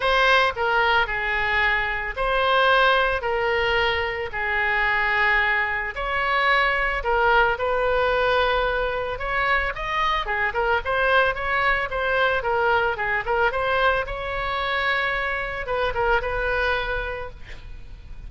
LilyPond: \new Staff \with { instrumentName = "oboe" } { \time 4/4 \tempo 4 = 111 c''4 ais'4 gis'2 | c''2 ais'2 | gis'2. cis''4~ | cis''4 ais'4 b'2~ |
b'4 cis''4 dis''4 gis'8 ais'8 | c''4 cis''4 c''4 ais'4 | gis'8 ais'8 c''4 cis''2~ | cis''4 b'8 ais'8 b'2 | }